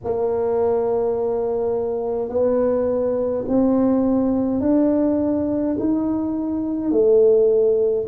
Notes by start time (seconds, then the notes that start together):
0.04 A#3
2.29 B3
3.48 C4
4.60 D4
5.80 D#4
6.91 A3